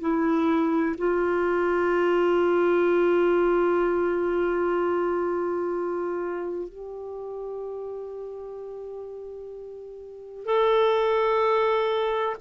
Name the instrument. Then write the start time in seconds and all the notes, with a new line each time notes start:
clarinet
0.00 E4
0.97 F4
6.68 G4
10.45 A4